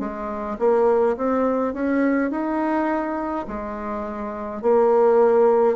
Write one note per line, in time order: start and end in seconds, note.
0.00 0.58 G#3
0.59 1.16 A#3
1.17 1.74 C4
1.74 2.31 C#4
2.31 3.47 D#4
3.48 4.62 G#3
4.62 5.76 A#3